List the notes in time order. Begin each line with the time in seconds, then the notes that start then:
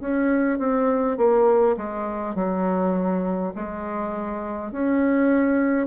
0.00 C#4
0.58 C4
1.17 A#3
1.76 G#3
2.35 F#3
3.55 G#3
4.72 C#4